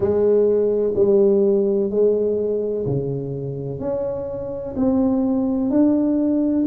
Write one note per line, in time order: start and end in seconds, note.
0.00 0.93 G#3
0.95 1.90 G3
1.90 2.85 G#3
2.86 3.79 C#3
3.79 4.74 C#4
4.76 5.70 C4
5.70 6.65 D4